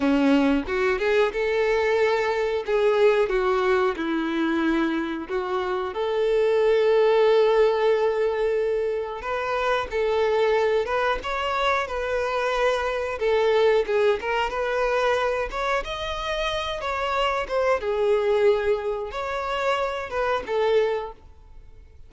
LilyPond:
\new Staff \with { instrumentName = "violin" } { \time 4/4 \tempo 4 = 91 cis'4 fis'8 gis'8 a'2 | gis'4 fis'4 e'2 | fis'4 a'2.~ | a'2 b'4 a'4~ |
a'8 b'8 cis''4 b'2 | a'4 gis'8 ais'8 b'4. cis''8 | dis''4. cis''4 c''8 gis'4~ | gis'4 cis''4. b'8 a'4 | }